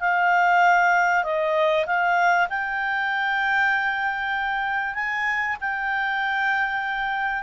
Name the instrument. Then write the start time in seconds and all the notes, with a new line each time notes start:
clarinet
0.00 F5
1.23 D#5
1.86 F5
2.49 G5
4.95 G#5
5.60 G5